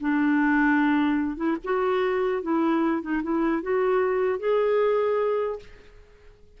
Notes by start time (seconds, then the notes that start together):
0.00 D4
1.37 E4
1.63 F#4
2.42 E4
3.02 D#4
3.23 E4
3.62 F#4
4.39 G#4